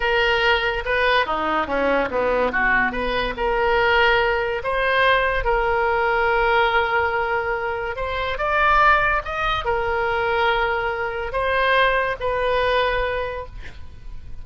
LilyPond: \new Staff \with { instrumentName = "oboe" } { \time 4/4 \tempo 4 = 143 ais'2 b'4 dis'4 | cis'4 b4 fis'4 b'4 | ais'2. c''4~ | c''4 ais'2.~ |
ais'2. c''4 | d''2 dis''4 ais'4~ | ais'2. c''4~ | c''4 b'2. | }